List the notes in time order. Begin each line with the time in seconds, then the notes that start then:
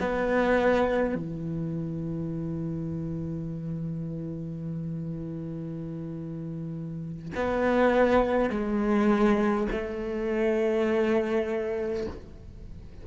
0.00 B3
1.15 E3
7.35 B3
8.50 G#3
9.72 A3